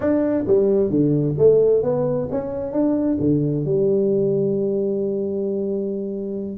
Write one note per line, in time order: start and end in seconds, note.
0.00 0.44 D4
0.47 0.90 G3
0.90 1.35 D3
1.38 1.83 A3
1.83 2.28 B3
2.31 2.72 C#4
2.72 3.17 D4
3.20 3.65 D3
3.65 6.57 G3